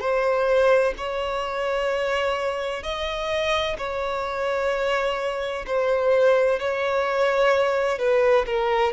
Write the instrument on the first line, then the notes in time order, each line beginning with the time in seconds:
violin
0.00 C5
0.97 C#5
2.83 D#5
3.78 C#5
5.67 C5
6.59 C#5
7.99 B4
8.46 A#4